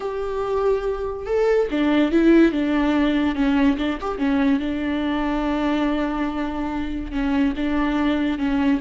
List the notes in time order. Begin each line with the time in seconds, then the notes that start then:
0.00 G4
1.26 A4
1.70 D4
2.11 E4
2.52 D4
3.35 C#4
3.77 D4
4.01 G4
4.18 C#4
4.59 D4
7.11 C#4
7.56 D4
8.38 C#4